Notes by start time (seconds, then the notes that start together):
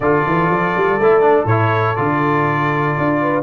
0.00 D3 F4 A4 D5
0.26 E3
0.50 F3
0.76 G3
0.99 A3 E4
1.21 D4
1.44 A2 E4 C#5
1.95 D3 F4 D5
2.98 D4
3.21 B4